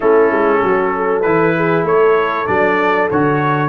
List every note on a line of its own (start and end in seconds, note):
0.00 0.31 A3
0.00 1.24 C#4
0.00 0.61 E4
0.00 1.21 A4
0.31 0.62 G#3
0.63 1.24 F#3
0.63 0.94 F#4
0.95 1.56 A4
1.21 1.83 E3
1.21 2.47 E4
1.21 1.83 B4
1.56 1.87 G#4
1.83 2.45 A3
1.83 3.68 A4
1.83 2.47 C#5
2.47 3.10 F#3
2.47 3.08 D4
2.47 3.08 D5
3.10 3.68 D3
3.10 3.68 F#4
3.10 3.68 C#5